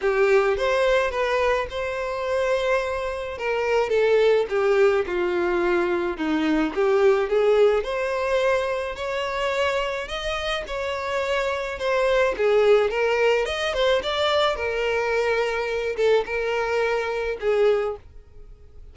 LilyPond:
\new Staff \with { instrumentName = "violin" } { \time 4/4 \tempo 4 = 107 g'4 c''4 b'4 c''4~ | c''2 ais'4 a'4 | g'4 f'2 dis'4 | g'4 gis'4 c''2 |
cis''2 dis''4 cis''4~ | cis''4 c''4 gis'4 ais'4 | dis''8 c''8 d''4 ais'2~ | ais'8 a'8 ais'2 gis'4 | }